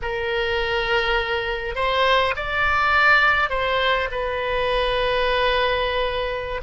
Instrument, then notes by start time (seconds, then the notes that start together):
oboe
0.02 A#4
1.75 C5
2.36 D5
3.49 C5
4.11 B4